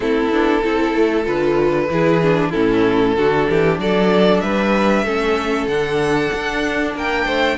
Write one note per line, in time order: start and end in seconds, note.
0.00 0.28 A3
0.00 0.31 C4
0.00 0.64 E4
0.00 1.24 A4
0.29 0.61 B3
0.29 0.62 D4
0.62 0.94 C4
0.62 1.23 E4
0.62 1.90 A4
0.94 1.26 A3
1.23 1.89 D3
1.23 1.87 F4
1.23 2.51 B4
1.89 2.52 E3
1.89 2.21 E4
1.89 2.49 G#4
2.22 2.52 D4
2.49 3.15 C#4
2.49 3.12 E4
2.49 3.77 A4
2.56 3.16 A2
3.16 3.47 D3
3.16 5.06 D4
3.16 3.49 F#4
3.49 3.78 E3
3.49 3.81 G4
3.78 4.41 F#3
3.78 4.43 A4
3.78 4.40 D5
4.40 5.03 G3
4.40 5.05 B4
4.40 5.66 E5
5.03 5.66 A3
5.03 5.69 C#4
5.03 6.94 A4
5.66 6.30 D3
5.66 7.58 D4
5.66 6.94 F#5
6.33 6.94 D4
6.94 7.25 A#3
6.94 7.25 A#4
6.94 7.58 G5
7.25 7.57 A3
7.25 7.56 C5